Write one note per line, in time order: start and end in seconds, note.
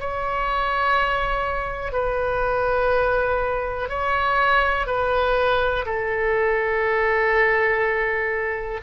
0.00 1.92 C#5
1.92 3.89 B4
3.89 4.87 C#5
4.87 5.85 B4
5.86 8.81 A4